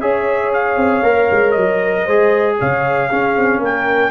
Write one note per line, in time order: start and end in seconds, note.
0.00 0.75 C#4
0.00 1.03 G#4
0.00 2.04 C#5
0.00 0.51 E5
0.53 1.51 F5
0.75 1.01 C4
1.02 1.28 A#3
1.02 2.06 A#4
1.30 1.56 G#3
1.51 2.07 F#3
1.51 2.53 D#5
2.04 2.58 G#3
2.04 3.11 G#4
2.04 2.55 C5
2.59 3.11 C#3
2.59 3.09 C#5
2.59 3.62 F5
3.09 4.11 C#4
3.09 3.36 C#4
3.09 3.61 G#4
3.36 3.58 C4
3.58 4.10 A#3
3.58 4.11 A#4
3.58 4.11 G5